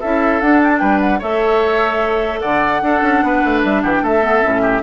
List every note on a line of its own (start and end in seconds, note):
0.00 0.41 C#4
0.00 0.41 E4
0.00 0.79 A4
0.00 0.40 E5
0.40 0.81 D4
0.40 1.20 D4
0.40 0.61 F#5
0.63 0.69 G5
0.69 0.79 A5
0.79 1.21 G3
0.79 1.18 B4
0.79 0.99 G5
1.00 1.20 F#5
1.18 2.42 A3
1.18 2.81 A4
1.18 2.39 C#5
1.18 2.40 E5
2.40 2.81 D3
2.40 2.81 D5
2.40 3.61 F#5
2.81 3.01 D4
2.81 4.21 D4
2.81 3.24 A4
3.02 3.22 C#4
3.22 3.42 B3
3.22 3.82 B4
3.44 3.64 A3
3.64 3.83 G3
3.64 3.82 E5
3.82 4.02 E3
3.82 4.02 G4
3.82 3.92 F#5
3.96 4.04 G5
4.02 4.42 A3
4.02 4.61 A4
4.02 4.82 E5
4.21 4.41 B3
4.42 4.82 A2
4.42 4.82 C#4
4.61 4.81 G4